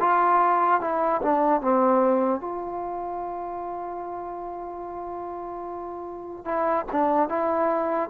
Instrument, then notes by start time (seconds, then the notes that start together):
trombone
0.00 F4
0.81 E4
1.22 D4
1.61 C4
2.41 F4
6.45 E4
6.92 D4
7.29 E4